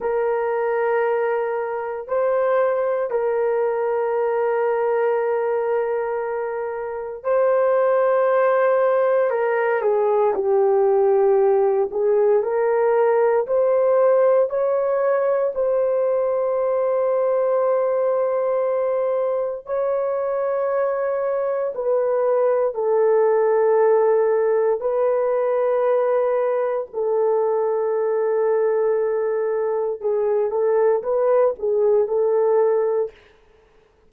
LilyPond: \new Staff \with { instrumentName = "horn" } { \time 4/4 \tempo 4 = 58 ais'2 c''4 ais'4~ | ais'2. c''4~ | c''4 ais'8 gis'8 g'4. gis'8 | ais'4 c''4 cis''4 c''4~ |
c''2. cis''4~ | cis''4 b'4 a'2 | b'2 a'2~ | a'4 gis'8 a'8 b'8 gis'8 a'4 | }